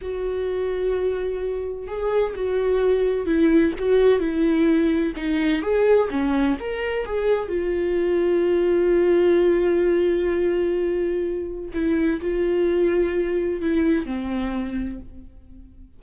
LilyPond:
\new Staff \with { instrumentName = "viola" } { \time 4/4 \tempo 4 = 128 fis'1 | gis'4 fis'2 e'4 | fis'4 e'2 dis'4 | gis'4 cis'4 ais'4 gis'4 |
f'1~ | f'1~ | f'4 e'4 f'2~ | f'4 e'4 c'2 | }